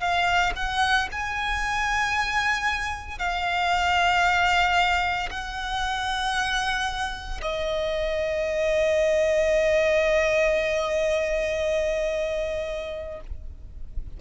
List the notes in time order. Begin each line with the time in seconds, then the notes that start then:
0.00 F5
0.56 F#5
1.11 G#5
3.19 F5
5.30 F#5
7.42 D#5